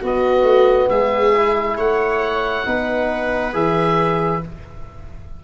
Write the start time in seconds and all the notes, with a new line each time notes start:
0.00 B3 F#4 D#5
0.42 A3
0.89 G#3 G#4 E5
1.35 E4
1.77 A3 C#5 F#5
2.65 B3 D#4 B4
3.53 E3 G#4 E5